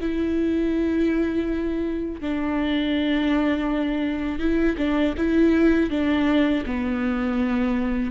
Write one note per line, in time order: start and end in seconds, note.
0.00 2.21 E4
2.21 4.39 D4
4.39 4.76 E4
4.77 5.14 D4
5.17 5.90 E4
5.90 6.64 D4
6.66 8.11 B3